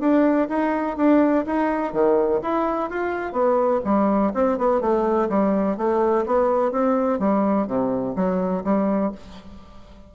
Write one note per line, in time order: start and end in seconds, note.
0.00 0.48 D4
0.49 0.97 D#4
0.97 1.45 D4
1.46 1.93 D#4
1.93 2.41 D#3
2.42 2.90 E4
2.90 3.33 F4
3.33 3.81 B3
3.84 4.32 G3
4.34 4.58 C4
4.58 4.81 B3
4.81 5.29 A3
5.29 5.77 G3
5.77 6.25 A3
6.26 6.72 B3
6.72 7.19 C4
7.19 7.67 G3
7.67 8.15 C3
8.16 8.64 F#3
8.64 9.12 G3